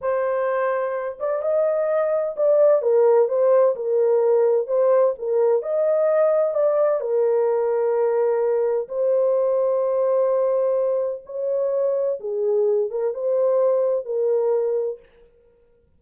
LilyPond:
\new Staff \with { instrumentName = "horn" } { \time 4/4 \tempo 4 = 128 c''2~ c''8 d''8 dis''4~ | dis''4 d''4 ais'4 c''4 | ais'2 c''4 ais'4 | dis''2 d''4 ais'4~ |
ais'2. c''4~ | c''1 | cis''2 gis'4. ais'8 | c''2 ais'2 | }